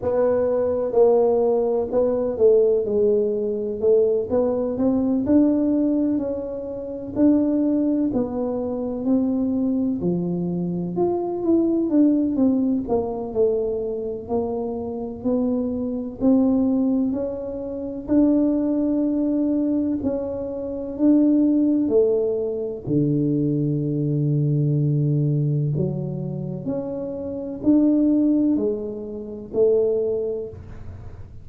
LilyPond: \new Staff \with { instrumentName = "tuba" } { \time 4/4 \tempo 4 = 63 b4 ais4 b8 a8 gis4 | a8 b8 c'8 d'4 cis'4 d'8~ | d'8 b4 c'4 f4 f'8 | e'8 d'8 c'8 ais8 a4 ais4 |
b4 c'4 cis'4 d'4~ | d'4 cis'4 d'4 a4 | d2. fis4 | cis'4 d'4 gis4 a4 | }